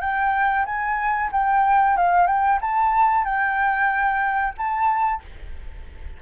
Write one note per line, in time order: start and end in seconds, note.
0.00 0.65 G5
0.65 1.30 G#5
1.32 1.96 G5
1.96 2.26 F5
2.26 2.59 G5
2.61 3.25 A5
3.25 4.54 G5
4.57 5.22 A5